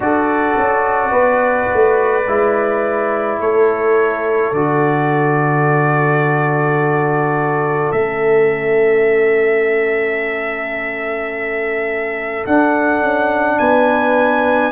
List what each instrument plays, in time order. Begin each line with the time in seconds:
0.00 tuba D4, trombone F#4, horn A4, trumpet D5
0.57 tuba C#4
1.11 tuba B3, horn B4
1.73 tuba A3
2.26 tuba G#3, trombone E4
3.39 tuba A3, horn A4, trumpet C#5
4.52 tuba D3, trombone F#4, trumpet D5
7.92 tuba A3, trombone C#4, trumpet E5
12.46 tuba D4, trombone D4, trumpet F#5
13.02 tuba C#4
13.58 tuba B3, horn B4, trumpet G#5